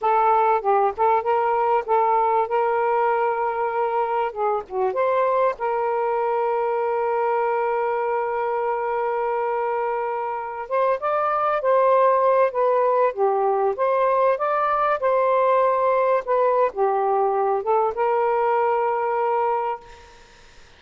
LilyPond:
\new Staff \with { instrumentName = "saxophone" } { \time 4/4 \tempo 4 = 97 a'4 g'8 a'8 ais'4 a'4 | ais'2. gis'8 fis'8 | c''4 ais'2.~ | ais'1~ |
ais'4~ ais'16 c''8 d''4 c''4~ c''16~ | c''16 b'4 g'4 c''4 d''8.~ | d''16 c''2 b'8. g'4~ | g'8 a'8 ais'2. | }